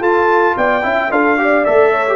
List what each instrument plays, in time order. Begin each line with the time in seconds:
0.00 tuba F4, trombone F4, horn A4, trumpet A5
0.57 tuba B3, horn D5, trumpet G5
0.82 tuba C#4, trombone E4, horn E5
1.10 tuba D4, trombone F4, horn A4, trumpet F5
1.37 trombone G4, horn D5
1.65 tuba A3, trombone A4, trumpet E5
1.92 horn C#5
2.07 trombone G4